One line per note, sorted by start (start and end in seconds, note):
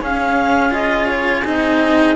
0.00 1.45 C#4
0.00 0.70 C#4
0.00 2.15 G#4
0.00 0.73 F5
0.70 1.42 F4
0.70 1.06 D#5
1.06 1.42 C#5
1.44 2.15 C4
1.44 2.15 D#4
1.44 2.15 D#5